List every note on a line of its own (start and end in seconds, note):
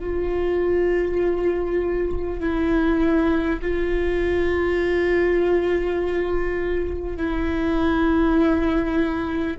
0.00 2.40 F4
2.40 3.60 E4
3.62 7.17 F4
7.17 9.57 E4